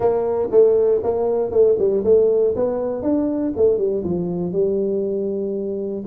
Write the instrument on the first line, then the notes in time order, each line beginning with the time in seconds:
tuba
0.00 A#3
0.51 A3
1.03 A#3
1.51 A3
1.78 G3
2.04 A3
2.55 B3
3.02 D4
3.56 A3
3.78 G3
4.03 F3
4.52 G3